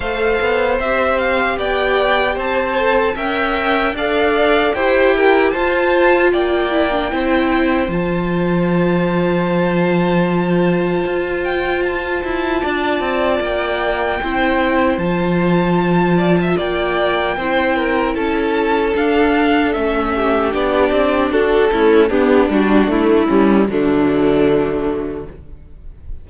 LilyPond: <<
  \new Staff \with { instrumentName = "violin" } { \time 4/4 \tempo 4 = 76 f''4 e''8 f''8 g''4 a''4 | g''4 f''4 g''4 a''4 | g''2 a''2~ | a''2~ a''8 g''8 a''4~ |
a''4 g''2 a''4~ | a''4 g''2 a''4 | f''4 e''4 d''4 a'4 | g'8 fis'8 e'4 d'2 | }
  \new Staff \with { instrumentName = "violin" } { \time 4/4 c''2 d''4 c''4 | e''4 d''4 c''8 ais'8 c''4 | d''4 c''2.~ | c''1 |
d''2 c''2~ | c''8 d''16 e''16 d''4 c''8 ais'8 a'4~ | a'4. g'4. fis'8 e'8 | d'4. cis'8 a2 | }
  \new Staff \with { instrumentName = "viola" } { \time 4/4 a'4 g'2~ g'8 a'8 | ais'4 a'4 g'4 f'4~ | f'8 e'16 d'16 e'4 f'2~ | f'1~ |
f'2 e'4 f'4~ | f'2 e'2 | d'4 cis'4 d'4. a8 | b8 d'8 a8 g8 fis2 | }
  \new Staff \with { instrumentName = "cello" } { \time 4/4 a8 b8 c'4 b4 c'4 | cis'4 d'4 e'4 f'4 | ais4 c'4 f2~ | f2 f'4. e'8 |
d'8 c'8 ais4 c'4 f4~ | f4 ais4 c'4 cis'4 | d'4 a4 b8 c'8 d'8 cis'8 | b8 g8 a8 g8 d2 | }
>>